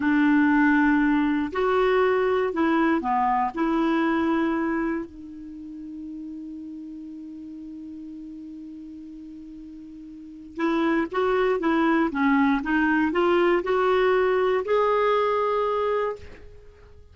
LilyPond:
\new Staff \with { instrumentName = "clarinet" } { \time 4/4 \tempo 4 = 119 d'2. fis'4~ | fis'4 e'4 b4 e'4~ | e'2 dis'2~ | dis'1~ |
dis'1~ | dis'4 e'4 fis'4 e'4 | cis'4 dis'4 f'4 fis'4~ | fis'4 gis'2. | }